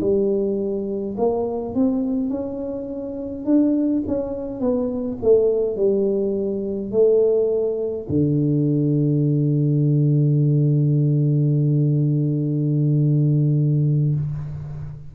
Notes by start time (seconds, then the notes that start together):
0.00 G3
1.17 A#3
1.75 C4
2.29 C#4
3.45 D4
4.07 C#4
4.60 B3
5.22 A3
5.76 G3
6.91 A3
8.09 D3